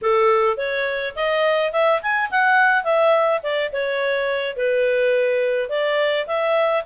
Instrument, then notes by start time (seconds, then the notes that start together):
clarinet
0.01 A4
0.57 C#5
1.15 D#5
1.72 E5
2.02 G#5
2.30 F#5
2.83 E5
3.42 D5
3.72 C#5
4.56 B4
5.69 D5
6.26 E5